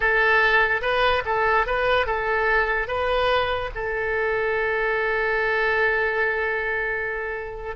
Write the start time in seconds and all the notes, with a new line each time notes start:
0.00 A4
0.81 B4
1.25 A4
1.66 B4
2.06 A4
2.87 B4
3.74 A4